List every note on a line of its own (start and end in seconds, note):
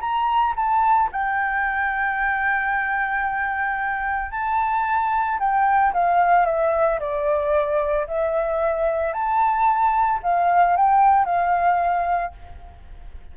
0.00 0.54 A#5
0.56 1.09 A5
1.12 4.31 G5
4.31 5.38 A5
5.39 5.92 G5
5.93 6.45 F5
6.45 6.99 E5
6.99 8.06 D5
8.07 9.13 E5
9.13 10.20 A5
10.22 10.76 F5
10.76 11.25 G5
11.25 12.32 F5